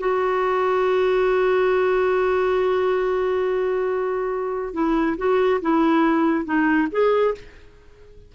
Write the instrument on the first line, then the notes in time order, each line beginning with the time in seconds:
clarinet
0.00 F#4
4.74 E4
5.18 F#4
5.62 E4
6.45 D#4
6.92 G#4